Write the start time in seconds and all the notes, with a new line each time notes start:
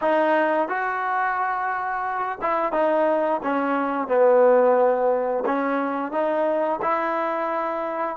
0.01 D#4
0.68 F#4
2.41 E4
2.72 D#4
3.43 C#4
4.07 B3
5.45 C#4
6.11 D#4
6.82 E4